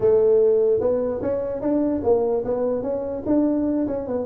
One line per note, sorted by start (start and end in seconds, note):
0.00 0.80 A3
0.80 1.21 B3
1.22 1.61 C#4
1.61 2.02 D4
2.03 2.44 A#3
2.44 2.82 B3
2.82 3.22 C#4
3.26 3.86 D4
3.87 4.07 C#4
4.07 4.25 B3